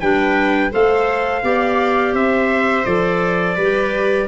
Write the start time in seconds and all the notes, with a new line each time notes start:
0.00 G3 D4 B4 G5
0.71 A3 A4 C5 F5
1.43 B3 G4 D5
2.13 C4 C5 E5
2.85 F3 A4 D5
3.56 G3 B4
3.62 G4